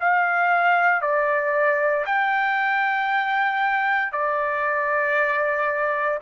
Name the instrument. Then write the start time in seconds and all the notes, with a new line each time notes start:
trumpet
0.00 F5
1.02 D5
2.06 G5
4.12 D5